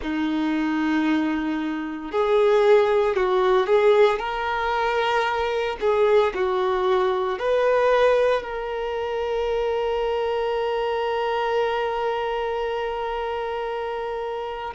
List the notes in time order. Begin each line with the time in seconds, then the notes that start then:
0.02 D#4
2.11 G#4
3.16 F#4
3.66 G#4
4.18 A#4
5.80 G#4
6.34 F#4
7.39 B4
8.42 A#4